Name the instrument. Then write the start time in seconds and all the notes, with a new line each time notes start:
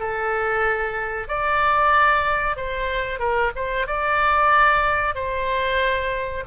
oboe
0.00 A4
1.29 D5
2.57 C5
3.19 A#4
3.56 C5
3.87 D5
5.15 C5